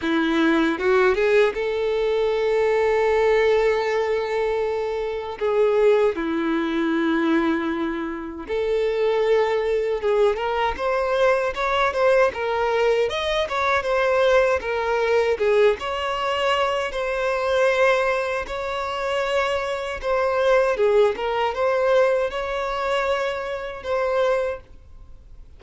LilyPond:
\new Staff \with { instrumentName = "violin" } { \time 4/4 \tempo 4 = 78 e'4 fis'8 gis'8 a'2~ | a'2. gis'4 | e'2. a'4~ | a'4 gis'8 ais'8 c''4 cis''8 c''8 |
ais'4 dis''8 cis''8 c''4 ais'4 | gis'8 cis''4. c''2 | cis''2 c''4 gis'8 ais'8 | c''4 cis''2 c''4 | }